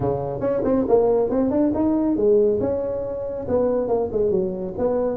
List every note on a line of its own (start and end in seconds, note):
0.00 0.40 C#3
0.40 0.62 C#4
0.64 0.85 C4
0.88 1.29 A#3
1.29 1.50 C4
1.50 1.71 D4
1.74 2.16 D#4
2.16 2.59 G#3
2.60 3.46 C#4
3.47 3.88 B3
3.88 4.09 A#3
4.11 4.30 G#3
4.30 4.74 F#3
4.78 5.17 B3